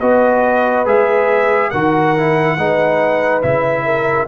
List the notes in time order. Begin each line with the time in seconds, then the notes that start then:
0.00 B3 F#4 B4 D#5
0.85 G#3 G#4 E5
1.70 D#3 F#4 A#4 F#5
2.17 E4
2.57 G#3 D#4 B4
3.42 C#3 E4 E5
3.85 A#4